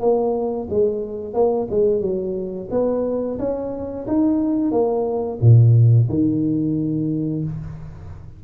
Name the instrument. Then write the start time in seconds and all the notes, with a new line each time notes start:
tuba
0.00 A#3
0.70 G#3
1.34 A#3
1.70 G#3
2.01 F#3
2.71 B3
3.39 C#4
4.07 D#4
4.71 A#3
5.41 A#2
6.09 D#3